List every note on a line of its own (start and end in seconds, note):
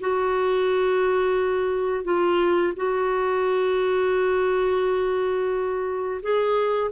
0.00 2.04 F#4
2.04 2.73 F4
2.76 6.21 F#4
6.22 6.91 G#4